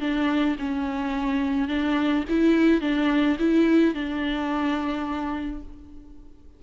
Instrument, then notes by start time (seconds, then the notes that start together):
viola
0.00 D4
0.59 C#4
1.68 D4
2.29 E4
2.81 D4
3.39 E4
3.94 D4